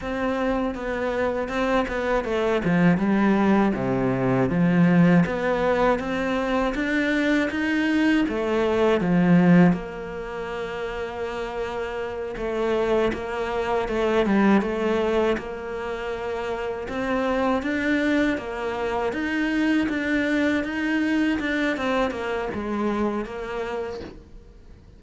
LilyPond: \new Staff \with { instrumentName = "cello" } { \time 4/4 \tempo 4 = 80 c'4 b4 c'8 b8 a8 f8 | g4 c4 f4 b4 | c'4 d'4 dis'4 a4 | f4 ais2.~ |
ais8 a4 ais4 a8 g8 a8~ | a8 ais2 c'4 d'8~ | d'8 ais4 dis'4 d'4 dis'8~ | dis'8 d'8 c'8 ais8 gis4 ais4 | }